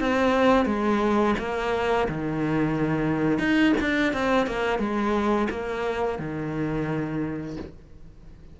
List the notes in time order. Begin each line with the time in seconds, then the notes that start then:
0.00 C4
0.66 G#3
1.39 A#3
2.08 D#3
3.39 D#4
3.81 D4
4.13 C4
4.47 A#3
4.79 G#3
5.50 A#3
6.19 D#3